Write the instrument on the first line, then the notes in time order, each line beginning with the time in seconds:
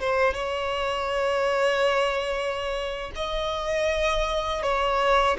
violin
0.00 C5
0.33 C#5
3.15 D#5
4.63 C#5